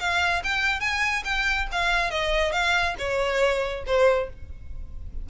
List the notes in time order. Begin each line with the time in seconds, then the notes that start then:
0.00 F5
0.44 G5
0.80 G#5
1.25 G5
1.72 F5
2.11 D#5
2.52 F5
2.99 C#5
3.86 C5